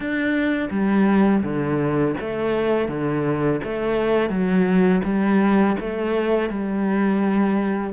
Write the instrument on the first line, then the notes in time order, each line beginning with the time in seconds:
cello
0.00 D4
0.70 G3
1.43 D3
2.20 A3
2.88 D3
3.63 A3
4.29 F#3
5.04 G3
5.80 A3
6.49 G3